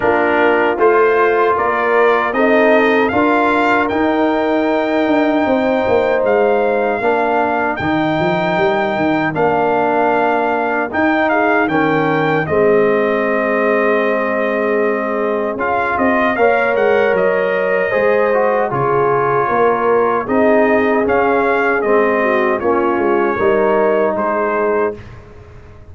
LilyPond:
<<
  \new Staff \with { instrumentName = "trumpet" } { \time 4/4 \tempo 4 = 77 ais'4 c''4 d''4 dis''4 | f''4 g''2. | f''2 g''2 | f''2 g''8 f''8 g''4 |
dis''1 | f''8 dis''8 f''8 fis''8 dis''2 | cis''2 dis''4 f''4 | dis''4 cis''2 c''4 | }
  \new Staff \with { instrumentName = "horn" } { \time 4/4 f'2 ais'4 a'4 | ais'2. c''4~ | c''4 ais'2.~ | ais'2~ ais'8 gis'8 ais'4 |
gis'1~ | gis'4 cis''2 c''4 | gis'4 ais'4 gis'2~ | gis'8 fis'8 f'4 ais'4 gis'4 | }
  \new Staff \with { instrumentName = "trombone" } { \time 4/4 d'4 f'2 dis'4 | f'4 dis'2.~ | dis'4 d'4 dis'2 | d'2 dis'4 cis'4 |
c'1 | f'4 ais'2 gis'8 fis'8 | f'2 dis'4 cis'4 | c'4 cis'4 dis'2 | }
  \new Staff \with { instrumentName = "tuba" } { \time 4/4 ais4 a4 ais4 c'4 | d'4 dis'4. d'8 c'8 ais8 | gis4 ais4 dis8 f8 g8 dis8 | ais2 dis'4 dis4 |
gis1 | cis'8 c'8 ais8 gis8 fis4 gis4 | cis4 ais4 c'4 cis'4 | gis4 ais8 gis8 g4 gis4 | }
>>